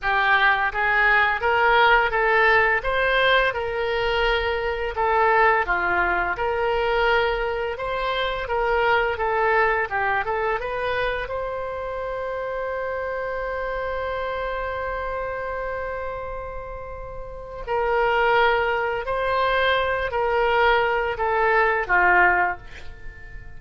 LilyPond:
\new Staff \with { instrumentName = "oboe" } { \time 4/4 \tempo 4 = 85 g'4 gis'4 ais'4 a'4 | c''4 ais'2 a'4 | f'4 ais'2 c''4 | ais'4 a'4 g'8 a'8 b'4 |
c''1~ | c''1~ | c''4 ais'2 c''4~ | c''8 ais'4. a'4 f'4 | }